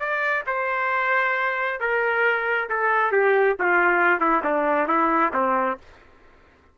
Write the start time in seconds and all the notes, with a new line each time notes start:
0.00 D5
0.47 C5
1.80 A#4
2.69 A4
3.12 G4
3.60 F4
4.20 E4
4.44 D4
4.88 E4
5.34 C4